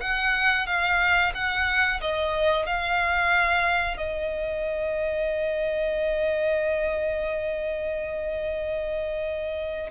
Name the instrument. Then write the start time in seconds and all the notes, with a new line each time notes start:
violin
0.00 F#5
0.66 F5
1.34 F#5
2.00 D#5
2.66 F5
3.97 D#5